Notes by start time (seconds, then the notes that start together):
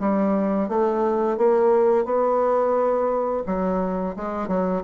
0.00 G3
0.69 A3
1.37 A#3
2.05 B3
3.46 F#3
4.16 G#3
4.48 F#3